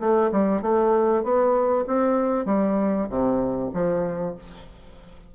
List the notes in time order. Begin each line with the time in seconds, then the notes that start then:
0.00 A3
0.32 G3
0.62 A3
1.23 B3
1.87 C4
2.46 G3
3.10 C3
3.73 F3